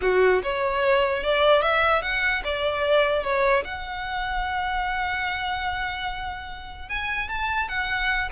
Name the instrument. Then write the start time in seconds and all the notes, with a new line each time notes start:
violin
0.01 F#4
0.42 C#5
1.23 D5
1.61 E5
2.02 F#5
2.44 D5
3.23 C#5
3.64 F#5
6.88 G#5
7.28 A5
7.68 F#5